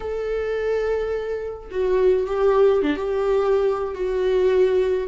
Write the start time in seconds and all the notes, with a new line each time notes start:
0.00 A4
1.70 F#4
2.26 G4
2.82 D4
2.96 G4
3.94 F#4